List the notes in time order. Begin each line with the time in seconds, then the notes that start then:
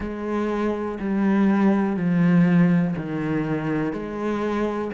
0.00 G#3
0.99 G3
1.96 F3
2.96 D#3
3.93 G#3